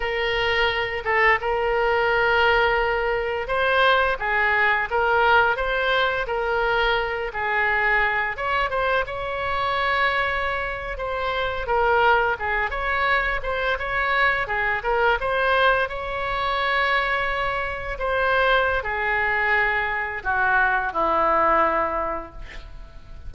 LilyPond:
\new Staff \with { instrumentName = "oboe" } { \time 4/4 \tempo 4 = 86 ais'4. a'8 ais'2~ | ais'4 c''4 gis'4 ais'4 | c''4 ais'4. gis'4. | cis''8 c''8 cis''2~ cis''8. c''16~ |
c''8. ais'4 gis'8 cis''4 c''8 cis''16~ | cis''8. gis'8 ais'8 c''4 cis''4~ cis''16~ | cis''4.~ cis''16 c''4~ c''16 gis'4~ | gis'4 fis'4 e'2 | }